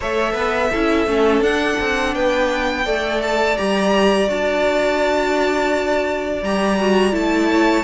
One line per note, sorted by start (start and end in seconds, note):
0.00 0.34 A3
0.00 0.72 A4
0.00 0.33 C#5
0.00 1.43 E5
0.33 0.69 B3
0.33 0.68 B4
0.71 1.06 C#4
0.71 1.07 E4
0.71 2.14 A4
1.06 1.39 A3
1.06 1.43 C#4
1.39 1.75 D4
1.39 2.85 D4
1.39 2.14 F#5
1.80 2.15 C4
2.14 2.86 B3
2.14 2.85 B4
2.14 3.21 G5
2.85 3.58 A3
2.85 3.56 A4
2.85 7.49 D5
3.22 3.57 A5
3.57 4.28 G3
3.57 4.27 G4
3.57 4.28 A#5
4.27 6.42 D4
4.27 6.42 F#4
4.27 6.43 A5
6.42 7.12 G3
6.42 6.79 G4
6.42 7.14 A#5
6.79 7.11 F#4
7.11 7.84 A3
7.11 7.83 E4
7.11 7.84 A5
7.49 7.84 C#5